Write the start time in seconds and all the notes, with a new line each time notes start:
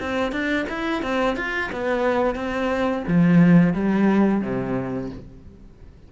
0.00 C4
0.32 D4
0.69 E4
1.03 C4
1.36 F4
1.72 B3
2.35 C4
3.08 F3
3.74 G3
4.42 C3